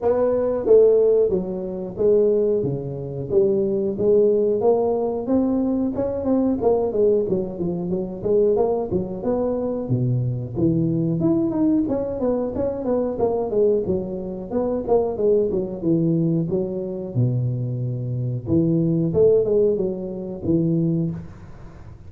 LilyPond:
\new Staff \with { instrumentName = "tuba" } { \time 4/4 \tempo 4 = 91 b4 a4 fis4 gis4 | cis4 g4 gis4 ais4 | c'4 cis'8 c'8 ais8 gis8 fis8 f8 | fis8 gis8 ais8 fis8 b4 b,4 |
e4 e'8 dis'8 cis'8 b8 cis'8 b8 | ais8 gis8 fis4 b8 ais8 gis8 fis8 | e4 fis4 b,2 | e4 a8 gis8 fis4 e4 | }